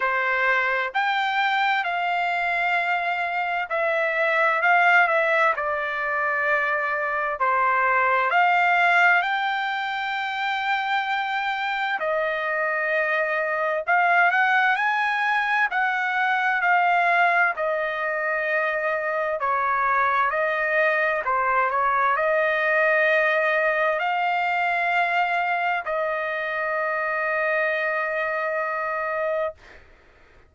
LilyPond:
\new Staff \with { instrumentName = "trumpet" } { \time 4/4 \tempo 4 = 65 c''4 g''4 f''2 | e''4 f''8 e''8 d''2 | c''4 f''4 g''2~ | g''4 dis''2 f''8 fis''8 |
gis''4 fis''4 f''4 dis''4~ | dis''4 cis''4 dis''4 c''8 cis''8 | dis''2 f''2 | dis''1 | }